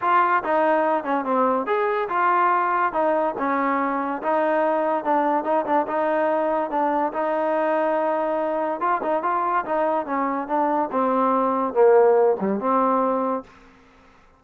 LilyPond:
\new Staff \with { instrumentName = "trombone" } { \time 4/4 \tempo 4 = 143 f'4 dis'4. cis'8 c'4 | gis'4 f'2 dis'4 | cis'2 dis'2 | d'4 dis'8 d'8 dis'2 |
d'4 dis'2.~ | dis'4 f'8 dis'8 f'4 dis'4 | cis'4 d'4 c'2 | ais4. g8 c'2 | }